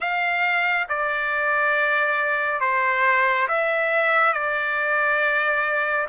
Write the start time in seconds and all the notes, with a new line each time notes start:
0.00 F5
0.88 D5
2.60 C5
3.47 E5
4.33 D5